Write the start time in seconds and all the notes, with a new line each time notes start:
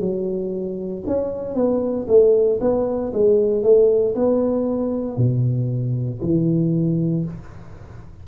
0.00 F#3
1.07 C#4
1.55 B3
2.08 A3
2.61 B3
3.13 G#3
3.63 A3
4.16 B3
5.17 B2
6.22 E3